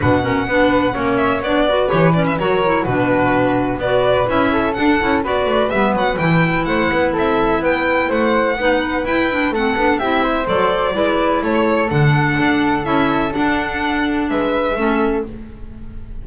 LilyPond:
<<
  \new Staff \with { instrumentName = "violin" } { \time 4/4 \tempo 4 = 126 fis''2~ fis''8 e''8 d''4 | cis''8 d''16 e''16 cis''4 b'2 | d''4 e''4 fis''4 d''4 | e''8 fis''8 g''4 fis''4 e''4 |
g''4 fis''2 g''4 | fis''4 e''4 d''2 | cis''4 fis''2 e''4 | fis''2 e''2 | }
  \new Staff \with { instrumentName = "flute" } { \time 4/4 b'8 ais'8 b'4 cis''4. b'8~ | b'4 ais'4 fis'2 | b'4. a'4. b'4~ | b'2 c''8 b'8 a'4 |
b'4 c''4 b'2 | a'4 g'8 c''4. b'4 | a'1~ | a'2 b'4 a'4 | }
  \new Staff \with { instrumentName = "clarinet" } { \time 4/4 d'8 cis'8 d'4 cis'4 d'8 fis'8 | g'8 cis'8 fis'8 e'8 d'2 | fis'4 e'4 d'8 e'8 fis'4 | b4 e'2.~ |
e'2 dis'4 e'8 d'8 | c'8 d'8 e'4 a'4 e'4~ | e'4 d'2 e'4 | d'2. cis'4 | }
  \new Staff \with { instrumentName = "double bass" } { \time 4/4 b,4 b4 ais4 b4 | e4 fis4 b,2 | b4 cis'4 d'8 cis'8 b8 a8 | g8 fis8 e4 a8 b8 c'4 |
b4 a4 b4 e'4 | a8 b8 c'4 fis4 gis4 | a4 d4 d'4 cis'4 | d'2 gis4 a4 | }
>>